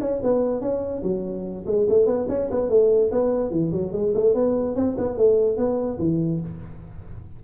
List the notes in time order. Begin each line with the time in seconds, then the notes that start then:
0.00 C#4
0.23 B3
0.61 C#4
1.03 F#3
1.66 G#3
1.89 A3
2.06 B3
2.28 C#4
2.50 B3
2.69 A3
3.11 B3
3.50 E3
3.71 F#3
3.92 G#3
4.14 A3
4.34 B3
4.75 C4
4.97 B3
5.17 A3
5.57 B3
5.98 E3